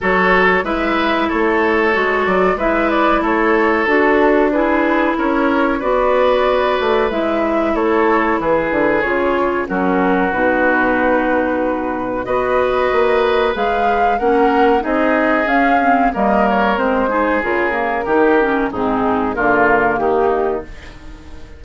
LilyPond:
<<
  \new Staff \with { instrumentName = "flute" } { \time 4/4 \tempo 4 = 93 cis''4 e''4 cis''4. d''8 | e''8 d''8 cis''4 a'4 b'4 | cis''4 d''2 e''4 | cis''4 b'4 cis''4 ais'4 |
b'2. dis''4~ | dis''4 f''4 fis''4 dis''4 | f''4 dis''8 cis''8 c''4 ais'4~ | ais'4 gis'4 ais'4 g'4 | }
  \new Staff \with { instrumentName = "oboe" } { \time 4/4 a'4 b'4 a'2 | b'4 a'2 gis'4 | ais'4 b'2. | a'4 gis'2 fis'4~ |
fis'2. b'4~ | b'2 ais'4 gis'4~ | gis'4 ais'4. gis'4. | g'4 dis'4 f'4 dis'4 | }
  \new Staff \with { instrumentName = "clarinet" } { \time 4/4 fis'4 e'2 fis'4 | e'2 fis'4 e'4~ | e'4 fis'2 e'4~ | e'2 f'4 cis'4 |
dis'2. fis'4~ | fis'4 gis'4 cis'4 dis'4 | cis'8 c'8 ais4 c'8 dis'8 f'8 ais8 | dis'8 cis'8 c'4 ais2 | }
  \new Staff \with { instrumentName = "bassoon" } { \time 4/4 fis4 gis4 a4 gis8 fis8 | gis4 a4 d'2 | cis'4 b4. a8 gis4 | a4 e8 d8 cis4 fis4 |
b,2. b4 | ais4 gis4 ais4 c'4 | cis'4 g4 gis4 cis4 | dis4 gis,4 d4 dis4 | }
>>